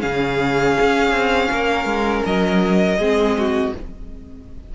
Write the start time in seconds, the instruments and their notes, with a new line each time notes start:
0.00 cello C#3, viola C#4, violin G#4 F5
0.81 cello C#4
1.11 cello C4
1.51 cello A#3, violin A#4
1.85 cello G#3
2.25 cello F#3, violin D#5
2.98 cello G#3, viola C4, violin G#4
3.38 violin F#4